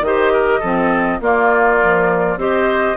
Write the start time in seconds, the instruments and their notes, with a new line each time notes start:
0.00 bassoon D#3, clarinet G4, oboe C5, flute D#5
0.32 oboe A#4
0.59 bassoon F3, clarinet C4, oboe A4
1.20 bassoon A#3, clarinet A#3, oboe F4, flute D5
1.82 clarinet F3
2.36 bassoon C4, clarinet G4, oboe C5, flute D#5